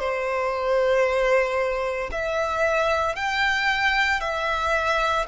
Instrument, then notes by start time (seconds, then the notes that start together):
violin
0.00 C5
2.12 E5
3.16 G5
4.21 E5